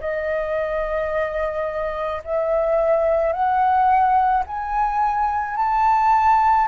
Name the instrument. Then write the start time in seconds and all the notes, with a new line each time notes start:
flute
0.00 D#5
2.24 E5
3.32 F#5
4.46 G#5
5.57 A5